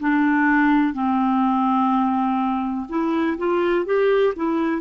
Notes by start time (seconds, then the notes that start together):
0.00 D4
0.93 C4
2.89 E4
3.38 F4
3.85 G4
4.36 E4